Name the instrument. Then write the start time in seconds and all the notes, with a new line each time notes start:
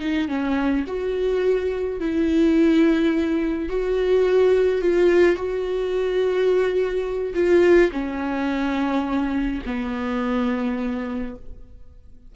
viola
0.00 D#4
0.29 C#4
0.87 F#4
2.00 E4
3.69 F#4
4.82 F4
5.36 F#4
7.35 F4
7.92 C#4
9.66 B3